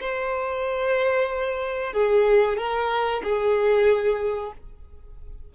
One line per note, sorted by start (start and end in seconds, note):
0.00 1.93 C5
1.93 2.57 G#4
2.57 3.22 A#4
3.23 4.52 G#4